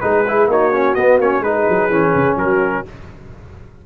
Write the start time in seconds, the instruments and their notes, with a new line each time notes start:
0.00 tuba G#3, trombone D#4, horn G#4, trumpet B4
0.28 trombone E4
0.47 tuba A#3, trombone D#4, horn F#4, trumpet C#5
0.73 trombone C#4
0.95 tuba B3, trombone B3, trumpet D#5
1.18 tuba A#3, trombone C#4, trumpet C#5
1.40 tuba G#3, trombone D#4, horn G#4, trumpet B4
1.69 tuba F#3
1.89 tuba E3, trombone C#4
2.15 tuba C#3
2.36 tuba F#3, horn F#4, trumpet A#4